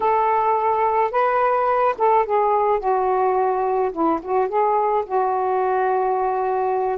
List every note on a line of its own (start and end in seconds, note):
0.00 1.11 A4
1.11 1.95 B4
1.98 2.25 A4
2.25 2.79 G#4
2.79 3.91 F#4
3.92 4.20 E4
4.22 4.48 F#4
4.48 5.04 G#4
5.05 6.98 F#4